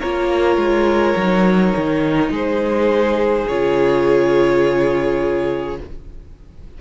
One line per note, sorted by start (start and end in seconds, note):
0.00 0.57 A#3
0.00 1.18 F4
0.00 2.31 A#4
0.00 2.31 C#5
0.57 1.14 G#3
1.16 1.74 F#3
1.16 3.50 D#4
1.77 2.30 D#3
2.30 3.46 G#3
2.30 5.77 G#4
2.30 3.48 C5
3.48 5.80 C#3
3.48 5.81 F4
3.48 5.79 C#5